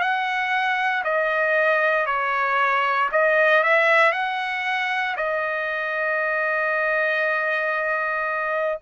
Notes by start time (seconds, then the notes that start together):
0.00 F#5
1.04 D#5
2.06 C#5
3.11 D#5
3.63 E5
4.12 F#5
5.16 D#5